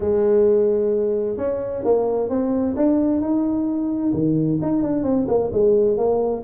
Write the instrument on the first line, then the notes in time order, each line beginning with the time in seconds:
tuba
0.00 G#3
1.37 C#4
1.84 A#3
2.29 C4
2.76 D4
3.20 D#4
4.13 D#3
4.61 D#4
4.82 D4
5.03 C4
5.28 A#3
5.52 G#3
5.97 A#3